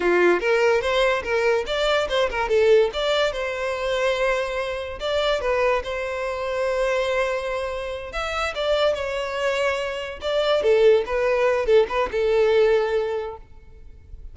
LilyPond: \new Staff \with { instrumentName = "violin" } { \time 4/4 \tempo 4 = 144 f'4 ais'4 c''4 ais'4 | d''4 c''8 ais'8 a'4 d''4 | c''1 | d''4 b'4 c''2~ |
c''2.~ c''8 e''8~ | e''8 d''4 cis''2~ cis''8~ | cis''8 d''4 a'4 b'4. | a'8 b'8 a'2. | }